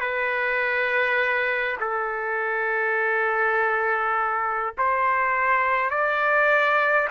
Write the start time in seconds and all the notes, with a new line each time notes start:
0.00 B4
1.80 A4
4.77 C5
5.90 D5